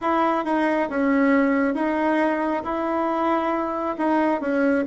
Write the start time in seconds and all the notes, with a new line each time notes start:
0.01 E4
0.44 D#4
0.89 C#4
1.74 D#4
2.64 E4
3.97 D#4
4.40 C#4